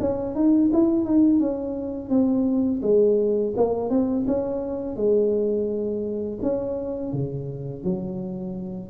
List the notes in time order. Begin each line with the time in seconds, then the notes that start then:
0.00 C#4
0.35 D#4
0.73 E4
1.05 D#4
1.40 C#4
2.10 C4
2.82 G#3
3.57 A#3
3.90 C4
4.28 C#4
4.96 G#3
6.43 C#4
7.13 C#3
7.84 F#3